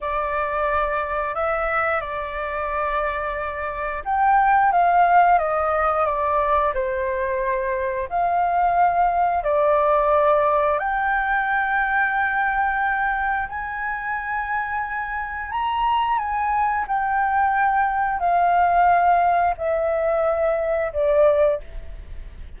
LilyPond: \new Staff \with { instrumentName = "flute" } { \time 4/4 \tempo 4 = 89 d''2 e''4 d''4~ | d''2 g''4 f''4 | dis''4 d''4 c''2 | f''2 d''2 |
g''1 | gis''2. ais''4 | gis''4 g''2 f''4~ | f''4 e''2 d''4 | }